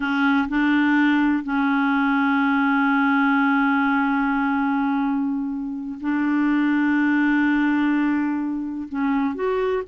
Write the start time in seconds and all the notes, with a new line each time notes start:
0.00 C#4
0.48 D4
1.43 C#4
6.00 D4
8.88 C#4
9.34 F#4